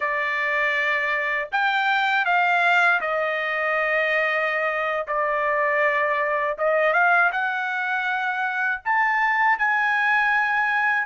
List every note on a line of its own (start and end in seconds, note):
0.00 1.49 D5
1.51 2.25 G5
2.25 3.00 F5
3.00 5.07 D#5
5.07 6.57 D5
6.58 6.93 D#5
6.93 7.31 F5
7.31 8.81 F#5
8.84 9.58 A5
9.58 11.06 G#5